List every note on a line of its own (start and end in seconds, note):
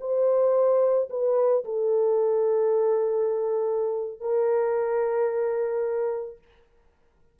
0.00 1.09 C5
1.10 1.64 B4
1.64 4.20 A4
4.20 6.38 A#4